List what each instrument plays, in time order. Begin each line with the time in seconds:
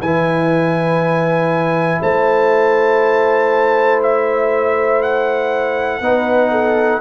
0.00 tuba E3, trombone E4, horn B4, trumpet G#5
2.01 tuba A3, horn C5, trumpet A5
4.03 trumpet E5
5.02 trumpet F#5
6.00 tuba B3, trombone D#4, horn B4
6.51 horn A4